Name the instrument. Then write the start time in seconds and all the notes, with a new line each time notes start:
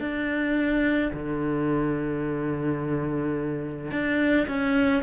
cello
0.00 D4
1.14 D3
3.91 D4
4.48 C#4